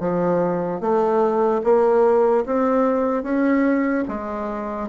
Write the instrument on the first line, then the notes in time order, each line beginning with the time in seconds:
bassoon
0.00 F3
0.81 A3
1.64 A#3
2.46 C4
3.23 C#4
4.09 G#3